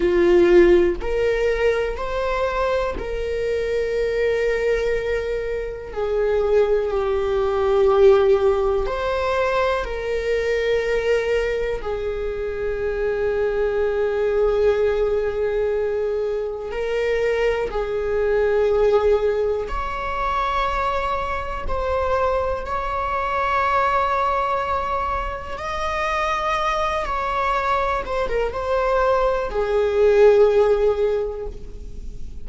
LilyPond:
\new Staff \with { instrumentName = "viola" } { \time 4/4 \tempo 4 = 61 f'4 ais'4 c''4 ais'4~ | ais'2 gis'4 g'4~ | g'4 c''4 ais'2 | gis'1~ |
gis'4 ais'4 gis'2 | cis''2 c''4 cis''4~ | cis''2 dis''4. cis''8~ | cis''8 c''16 ais'16 c''4 gis'2 | }